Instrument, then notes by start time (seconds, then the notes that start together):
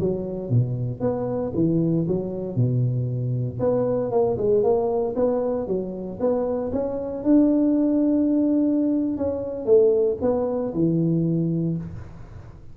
tuba
0.00 F#3
0.49 B2
1.01 B3
1.55 E3
2.08 F#3
2.56 B2
3.60 B3
4.11 A#3
4.38 G#3
4.63 A#3
5.16 B3
5.67 F#3
6.20 B3
6.72 C#4
7.23 D4
9.17 C#4
9.66 A3
10.21 B3
10.74 E3